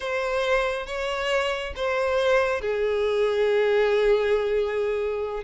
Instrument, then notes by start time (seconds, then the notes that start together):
violin
0.00 C5
0.86 C#5
1.76 C5
2.61 G#4